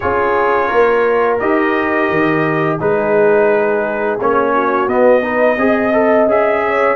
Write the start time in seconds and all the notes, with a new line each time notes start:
0.00 C#4 F4 G#4 C#5
0.68 A#3 A#4
1.39 D#4 G4 D#5
2.09 D#3
2.78 G#3 D#4 G#4 B4
4.20 A#3 C#4 C#5
4.54 F#4
4.87 B3 D#5
5.22 D#4 B4
5.57 C4 G#4 D#5
5.92 A4
6.26 C#4 G#4 E5
6.66 C#5